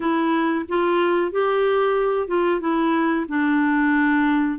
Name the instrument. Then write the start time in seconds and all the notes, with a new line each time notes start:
clarinet
0.00 E4
0.68 F4
1.31 G4
2.27 F4
2.60 E4
3.28 D4